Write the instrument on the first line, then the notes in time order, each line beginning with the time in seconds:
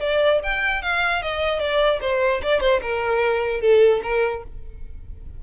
violin
0.00 D5
0.43 G5
0.82 F5
1.23 D#5
1.60 D5
2.01 C5
2.43 D5
2.60 C5
2.82 A#4
3.61 A4
4.03 A#4